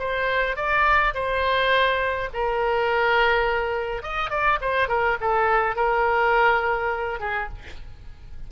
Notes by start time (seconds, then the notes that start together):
0.00 C5
0.57 D5
1.15 C5
2.34 A#4
4.03 D#5
4.31 D5
4.61 C5
4.89 A#4
5.21 A4
5.76 A#4
7.20 G#4